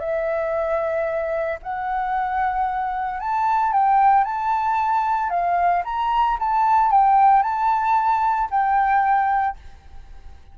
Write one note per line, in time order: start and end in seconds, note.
0.00 1.59 E5
1.63 3.20 F#5
3.20 3.73 A5
3.73 4.24 G5
4.24 5.30 A5
5.30 5.83 F5
5.85 6.38 A#5
6.40 6.91 A5
6.91 7.43 G5
7.43 8.49 A5
8.51 9.57 G5